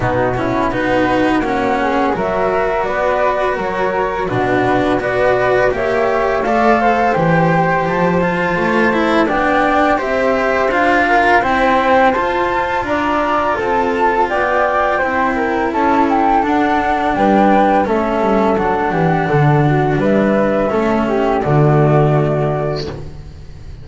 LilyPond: <<
  \new Staff \with { instrumentName = "flute" } { \time 4/4 \tempo 4 = 84 fis'4 b'4 fis''4 e''4 | d''4 cis''4 b'4 d''4 | e''4 f''4 g''4 a''4~ | a''4 g''4 e''4 f''4 |
g''4 a''4 ais''4 a''4 | g''2 a''8 g''8 fis''4 | g''4 e''4 fis''2 | e''2 d''2 | }
  \new Staff \with { instrumentName = "flute" } { \time 4/4 dis'8 e'8 fis'4. gis'8 ais'4 | b'4 ais'4 fis'4 b'4 | cis''4 d''8 c''2~ c''8~ | c''4 d''4 c''4. ais'8 |
c''2 d''4 a'4 | d''4 c''8 ais'8 a'2 | b'4 a'4. g'8 a'8 fis'8 | b'4 a'8 g'8 fis'2 | }
  \new Staff \with { instrumentName = "cello" } { \time 4/4 b8 cis'8 dis'4 cis'4 fis'4~ | fis'2 d'4 fis'4 | g'4 a'4 g'4. f'8~ | f'8 e'8 d'4 g'4 f'4 |
c'4 f'2.~ | f'4 e'2 d'4~ | d'4 cis'4 d'2~ | d'4 cis'4 a2 | }
  \new Staff \with { instrumentName = "double bass" } { \time 4/4 b,4 b4 ais4 fis4 | b4 fis4 b,4 b4 | ais4 a4 e4 f4 | a4 b4 c'4 d'4 |
e'4 f'4 d'4 c'4 | b4 c'4 cis'4 d'4 | g4 a8 g8 fis8 e8 d4 | g4 a4 d2 | }
>>